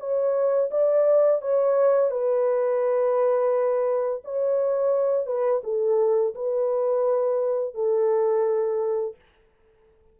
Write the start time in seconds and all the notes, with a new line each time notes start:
0.00 C#5
0.71 D5
1.42 C#5
2.11 B4
4.25 C#5
5.27 B4
5.64 A4
6.35 B4
7.75 A4